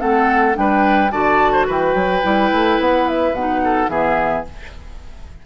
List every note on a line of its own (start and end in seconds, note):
0.00 0.57 A3
0.00 0.54 C4
0.00 0.56 A4
0.00 0.56 F#5
0.54 1.12 G3
0.54 1.10 D4
0.54 1.12 B4
0.54 1.11 G5
1.11 1.67 D3
1.11 2.23 F#4
1.11 1.52 D5
1.11 1.67 A5
1.52 1.66 C5
1.67 1.94 E3
1.67 3.61 B4
1.67 2.81 G5
1.94 2.22 F#3
2.23 2.52 G3
2.23 3.34 E4
2.52 2.79 A3
2.79 3.33 B3
2.79 3.08 F#5
3.08 3.35 E5
3.33 3.88 B2
3.33 3.89 D#4
3.33 3.89 F#5
3.64 3.90 A4
3.89 4.44 E3
3.89 4.44 B3
3.89 4.46 G#4
3.89 4.45 E5